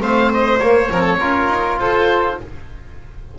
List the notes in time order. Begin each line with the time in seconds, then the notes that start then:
0.00 A3 C4 C5 F5
0.33 D#5
0.59 A#3 C#5
0.88 F3 C4 A#4
1.01 A4
1.19 C#4 F4 A#4
1.48 D#4
1.77 F4 A4 C5